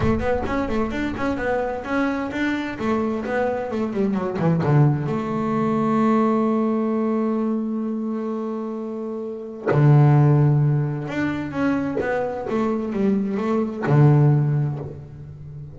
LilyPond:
\new Staff \with { instrumentName = "double bass" } { \time 4/4 \tempo 4 = 130 a8 b8 cis'8 a8 d'8 cis'8 b4 | cis'4 d'4 a4 b4 | a8 g8 fis8 e8 d4 a4~ | a1~ |
a1~ | a4 d2. | d'4 cis'4 b4 a4 | g4 a4 d2 | }